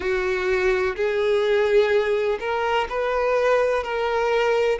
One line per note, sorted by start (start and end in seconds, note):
0.00 0.95 F#4
0.96 2.39 G#4
2.39 2.87 A#4
2.89 3.84 B4
3.84 4.79 A#4